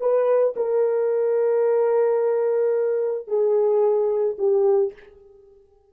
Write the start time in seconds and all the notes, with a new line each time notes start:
0.00 B4
0.57 A#4
3.28 G#4
4.38 G4